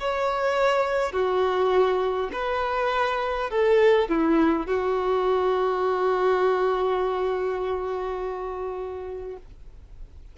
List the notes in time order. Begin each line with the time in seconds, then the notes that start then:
0.00 C#5
1.12 F#4
2.33 B4
3.50 A4
4.09 E4
4.66 F#4